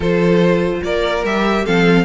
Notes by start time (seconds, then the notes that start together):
0.00 F3 F4 A4 C5
0.83 A#3 A#4 D5
1.23 G3 G4 E5
1.64 F3 C4 A4 F5